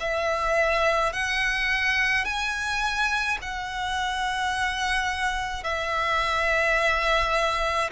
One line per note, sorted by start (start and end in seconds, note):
0.00 1.13 E5
1.13 2.24 F#5
2.24 3.38 G#5
3.41 5.63 F#5
5.63 7.90 E5